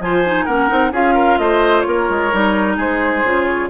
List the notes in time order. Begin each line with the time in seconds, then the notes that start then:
0.00 F3 F4 C5 G#5
0.26 D#4
0.45 A#3 C#4 A#4 F#5
0.69 C4 D#4
0.92 C#4 F4 G#4 F5
1.14 A#4
1.38 A3 C5 D#5
1.81 A#3 C#5
1.88 A#4
2.09 G#3
2.32 G3 D#4
2.77 G#3 G#4 C5
3.24 C#3 F4
3.45 C#5